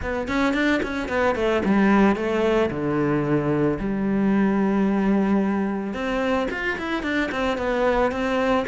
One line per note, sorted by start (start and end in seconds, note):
0.02 0.28 B3
0.28 0.53 C#4
0.53 0.80 D4
0.83 1.08 C#4
1.08 1.35 B3
1.35 1.62 A3
1.65 2.15 G3
2.15 2.70 A3
2.70 3.78 D3
3.79 5.93 G3
5.93 6.47 C4
6.50 6.77 F4
6.78 7.03 E4
7.03 7.30 D4
7.31 7.57 C4
7.57 8.11 B3
8.11 8.65 C4